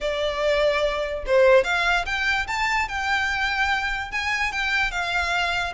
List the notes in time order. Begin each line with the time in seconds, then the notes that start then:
0.00 D5
1.26 C5
1.63 F5
2.05 G5
2.47 A5
2.88 G5
4.11 G#5
4.52 G5
4.91 F5